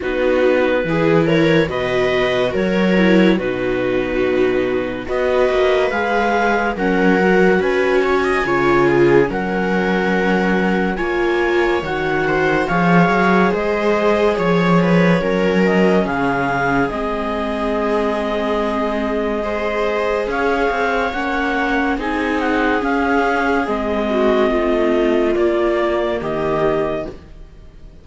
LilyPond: <<
  \new Staff \with { instrumentName = "clarinet" } { \time 4/4 \tempo 4 = 71 b'4. cis''8 dis''4 cis''4 | b'2 dis''4 f''4 | fis''4 gis''2 fis''4~ | fis''4 gis''4 fis''4 f''4 |
dis''4 cis''4. dis''8 f''4 | dis''1 | f''4 fis''4 gis''8 fis''8 f''4 | dis''2 d''4 dis''4 | }
  \new Staff \with { instrumentName = "viola" } { \time 4/4 fis'4 gis'8 ais'8 b'4 ais'4 | fis'2 b'2 | ais'4 b'8 cis''16 dis''16 cis''8 gis'8 ais'4~ | ais'4 cis''4. c''8 cis''4 |
c''4 cis''8 b'8 ais'4 gis'4~ | gis'2. c''4 | cis''2 gis'2~ | gis'8 fis'8 f'2 g'4 | }
  \new Staff \with { instrumentName = "viola" } { \time 4/4 dis'4 e'4 fis'4. e'8 | dis'2 fis'4 gis'4 | cis'8 fis'4. f'4 cis'4~ | cis'4 f'4 fis'4 gis'4~ |
gis'2 cis'2 | c'2. gis'4~ | gis'4 cis'4 dis'4 cis'4 | c'2 ais2 | }
  \new Staff \with { instrumentName = "cello" } { \time 4/4 b4 e4 b,4 fis4 | b,2 b8 ais8 gis4 | fis4 cis'4 cis4 fis4~ | fis4 ais4 dis4 f8 fis8 |
gis4 f4 fis4 cis4 | gis1 | cis'8 c'8 ais4 c'4 cis'4 | gis4 a4 ais4 dis4 | }
>>